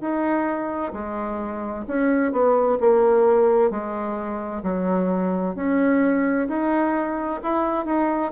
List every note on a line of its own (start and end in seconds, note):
0.00 0.92 D#4
0.93 1.85 G#3
1.87 2.32 C#4
2.32 2.78 B3
2.80 3.70 A#3
3.70 4.62 G#3
4.63 5.55 F#3
5.55 6.47 C#4
6.48 7.40 D#4
7.43 7.85 E4
7.85 8.31 D#4